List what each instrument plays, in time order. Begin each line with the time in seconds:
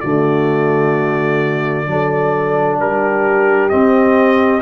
0.00 tuba D3, trombone A3, horn F#4, trumpet D5
1.86 tuba F#3, trombone D4, horn A4
2.79 tuba G3, horn G4, trumpet A#4
3.69 trombone C4, tuba C4, trumpet D#5